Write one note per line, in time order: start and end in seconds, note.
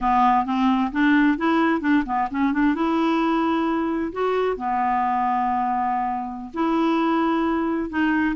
0.00 0.45 B3
0.45 0.91 C4
0.92 1.37 D4
1.37 1.80 E4
1.80 2.03 D4
2.05 2.28 B3
2.30 2.52 C#4
2.52 2.74 D4
2.74 4.12 E4
4.12 4.57 F#4
4.57 6.51 B3
6.53 7.89 E4
7.89 8.35 D#4